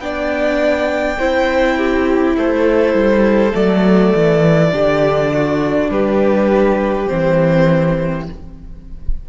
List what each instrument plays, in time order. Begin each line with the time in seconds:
0.00 cello B3, viola D4, violin D5 G5
1.19 cello C4, viola E4, violin C5
1.78 violin G4
2.37 cello A3, violin A4 C5
2.94 cello G3
3.51 cello F#3, viola A3, violin D5
4.15 cello E3
4.73 cello D3, viola D4, violin G4
5.34 violin F#4
5.89 cello G3, violin G4 B4
7.08 cello E3, viola C4, violin C5